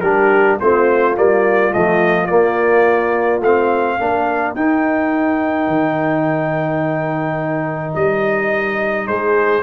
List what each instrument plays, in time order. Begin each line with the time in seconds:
0.00 tuba G3, trombone D4, horn G4, trumpet A#4
0.60 tuba A3, trombone C4, horn F4, trumpet C5
1.15 tuba G3, trombone A#3, trumpet D5
1.71 tuba F3, trombone A3, trumpet D#5
2.26 trombone A#3, tuba A#3, trumpet D5
3.40 tuba A3, trombone C4, trumpet F5
3.97 tuba A#3, trombone D4, horn A#4
4.55 tuba D#4, trombone D#4, trumpet G5
5.67 tuba D#3
7.94 tuba G3, trumpet D#5
9.07 tuba G#3, horn G#4, trumpet C5